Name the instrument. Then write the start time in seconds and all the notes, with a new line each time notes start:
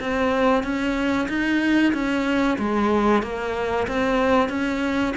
cello
0.00 C4
0.63 C#4
1.28 D#4
1.93 C#4
2.58 G#3
3.22 A#3
3.87 C4
4.49 C#4